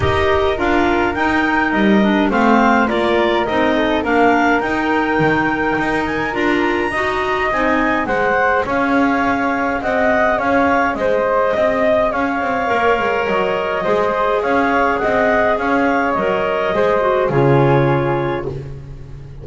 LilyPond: <<
  \new Staff \with { instrumentName = "clarinet" } { \time 4/4 \tempo 4 = 104 dis''4 f''4 g''4 dis''4 | f''4 d''4 dis''4 f''4 | g''2~ g''8 gis''8 ais''4~ | ais''4 gis''4 fis''4 f''4~ |
f''4 fis''4 f''4 dis''4~ | dis''4 f''2 dis''4~ | dis''4 f''4 fis''4 f''4 | dis''2 cis''2 | }
  \new Staff \with { instrumentName = "flute" } { \time 4/4 ais'1 | c''4 ais'4. a'8 ais'4~ | ais'1 | dis''2 c''4 cis''4~ |
cis''4 dis''4 cis''4 c''4 | dis''4 cis''2. | c''4 cis''4 dis''4 cis''4~ | cis''4 c''4 gis'2 | }
  \new Staff \with { instrumentName = "clarinet" } { \time 4/4 g'4 f'4 dis'4. d'8 | c'4 f'4 dis'4 d'4 | dis'2. f'4 | fis'4 dis'4 gis'2~ |
gis'1~ | gis'2 ais'2 | gis'1 | ais'4 gis'8 fis'8 f'2 | }
  \new Staff \with { instrumentName = "double bass" } { \time 4/4 dis'4 d'4 dis'4 g4 | a4 ais4 c'4 ais4 | dis'4 dis4 dis'4 d'4 | dis'4 c'4 gis4 cis'4~ |
cis'4 c'4 cis'4 gis4 | c'4 cis'8 c'8 ais8 gis8 fis4 | gis4 cis'4 c'4 cis'4 | fis4 gis4 cis2 | }
>>